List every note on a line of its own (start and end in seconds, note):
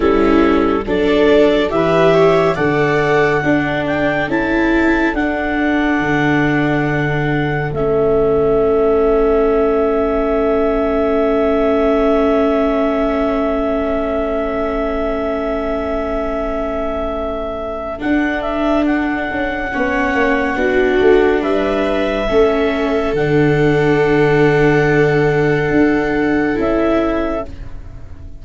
0.00 0.85 G3
0.00 0.82 C#4
0.00 0.83 E4
0.00 0.86 A4
0.85 1.70 F#3
0.85 1.69 D4
0.85 1.72 A4
0.85 1.70 D5
1.69 2.56 E3
1.69 2.55 G4
1.69 2.14 B4
1.69 2.55 E5
2.14 2.55 C#5
2.55 3.42 D3
2.55 3.42 A4
2.55 3.40 D5
2.55 3.84 F#5
3.41 4.27 D4
3.41 4.29 D4
3.41 19.70 A4
3.86 4.29 G5
4.27 5.13 C#4
4.27 5.15 E4
4.27 5.14 A5
5.13 5.99 D4
5.13 7.73 D4
5.13 7.72 F#5
5.99 7.70 D3
7.72 18.00 A3
7.72 17.98 C#4
7.72 18.00 E5
17.98 19.69 D4
17.98 19.30 D4
17.98 18.41 F#5
18.41 18.84 E5
18.86 21.42 F#5
19.31 19.73 C#4
19.72 20.14 B3
19.72 20.55 C#4
19.72 20.56 C#5
20.14 20.55 A#3
20.55 20.98 B3
20.55 22.26 D4
20.55 21.41 F#4
21.00 21.42 A3
21.41 22.28 G3
21.41 22.27 B4
21.41 23.14 E5
22.28 23.13 A3
22.28 23.14 C#4
22.28 27.43 A4
23.13 25.70 D3
23.13 26.54 D4
23.13 26.58 F#5
25.70 26.56 D4
26.54 27.44 C#4
26.54 27.39 E4
26.54 27.45 E5